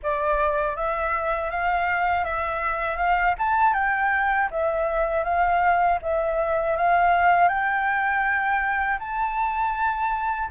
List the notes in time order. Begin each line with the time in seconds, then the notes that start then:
0.02 D5
0.75 E5
1.50 F5
2.25 E5
2.97 F5
3.38 A5
3.73 G5
4.50 E5
5.23 F5
6.02 E5
6.76 F5
7.48 G5
8.99 A5